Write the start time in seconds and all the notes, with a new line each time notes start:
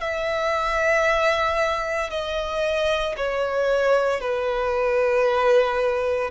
0.00 E5
2.10 D#5
3.17 C#5
4.20 B4